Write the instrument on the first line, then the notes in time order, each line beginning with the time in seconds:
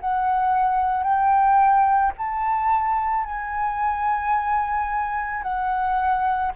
flute
0.00 F#5
1.03 G5
2.17 A5
3.25 G#5
5.42 F#5